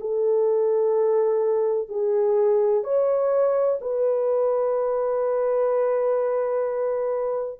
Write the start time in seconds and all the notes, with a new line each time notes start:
0.00 A4
1.88 G#4
2.84 C#5
3.81 B4